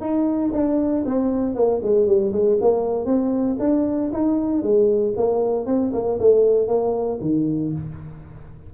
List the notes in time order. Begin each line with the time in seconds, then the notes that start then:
0.00 D#4
0.52 D4
1.05 C4
1.54 A#3
1.82 G#3
2.06 G3
2.32 G#3
2.61 A#3
3.05 C4
3.59 D4
4.12 D#4
4.62 G#3
5.16 A#3
5.65 C4
5.93 A#3
6.19 A3
6.67 A#3
7.21 D#3